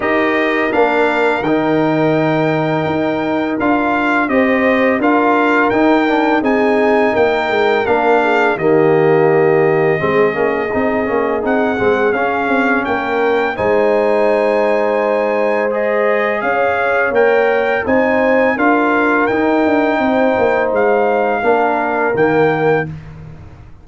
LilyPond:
<<
  \new Staff \with { instrumentName = "trumpet" } { \time 4/4 \tempo 4 = 84 dis''4 f''4 g''2~ | g''4 f''4 dis''4 f''4 | g''4 gis''4 g''4 f''4 | dis''1 |
fis''4 f''4 g''4 gis''4~ | gis''2 dis''4 f''4 | g''4 gis''4 f''4 g''4~ | g''4 f''2 g''4 | }
  \new Staff \with { instrumentName = "horn" } { \time 4/4 ais'1~ | ais'2 c''4 ais'4~ | ais'4 gis'4 ais'4. gis'8 | g'2 gis'2~ |
gis'2 ais'4 c''4~ | c''2. cis''4~ | cis''4 c''4 ais'2 | c''2 ais'2 | }
  \new Staff \with { instrumentName = "trombone" } { \time 4/4 g'4 d'4 dis'2~ | dis'4 f'4 g'4 f'4 | dis'8 d'8 dis'2 d'4 | ais2 c'8 cis'8 dis'8 cis'8 |
dis'8 c'8 cis'2 dis'4~ | dis'2 gis'2 | ais'4 dis'4 f'4 dis'4~ | dis'2 d'4 ais4 | }
  \new Staff \with { instrumentName = "tuba" } { \time 4/4 dis'4 ais4 dis2 | dis'4 d'4 c'4 d'4 | dis'4 c'4 ais8 gis8 ais4 | dis2 gis8 ais8 c'8 ais8 |
c'8 gis8 cis'8 c'8 ais4 gis4~ | gis2. cis'4 | ais4 c'4 d'4 dis'8 d'8 | c'8 ais8 gis4 ais4 dis4 | }
>>